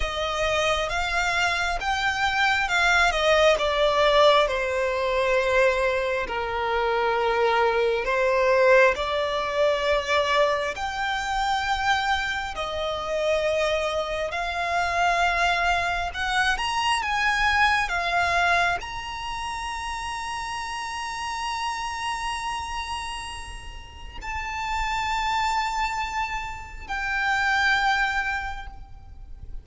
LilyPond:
\new Staff \with { instrumentName = "violin" } { \time 4/4 \tempo 4 = 67 dis''4 f''4 g''4 f''8 dis''8 | d''4 c''2 ais'4~ | ais'4 c''4 d''2 | g''2 dis''2 |
f''2 fis''8 ais''8 gis''4 | f''4 ais''2.~ | ais''2. a''4~ | a''2 g''2 | }